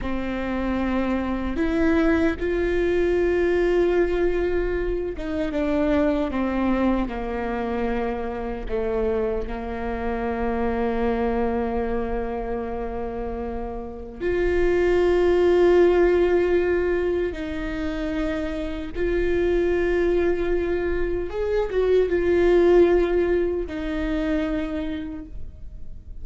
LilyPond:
\new Staff \with { instrumentName = "viola" } { \time 4/4 \tempo 4 = 76 c'2 e'4 f'4~ | f'2~ f'8 dis'8 d'4 | c'4 ais2 a4 | ais1~ |
ais2 f'2~ | f'2 dis'2 | f'2. gis'8 fis'8 | f'2 dis'2 | }